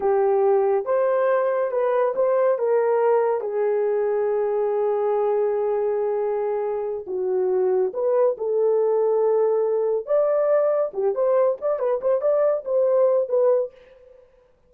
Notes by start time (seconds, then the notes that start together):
0.00 G4
0.85 C5
1.71 B4
2.15 C5
2.58 A#4
3.41 G#4
7.06 F#4
7.93 B4
8.37 A4
10.06 D5
10.93 G4
11.14 C5
11.61 D5
11.79 B4
12.01 C5
12.21 D5
12.64 C5
13.28 B4